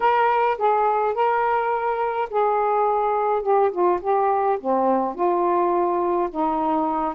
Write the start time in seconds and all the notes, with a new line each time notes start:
0.00 A#4
0.58 G#4
1.14 A#4
2.30 G#4
3.42 G4
3.71 F4
4.01 G4
4.60 C4
5.15 F4
6.30 D#4